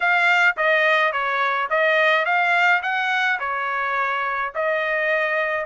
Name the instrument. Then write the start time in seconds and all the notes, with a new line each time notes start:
trumpet
0.00 F5
0.56 D#5
1.12 C#5
1.70 D#5
2.25 F5
2.82 F#5
3.39 C#5
4.54 D#5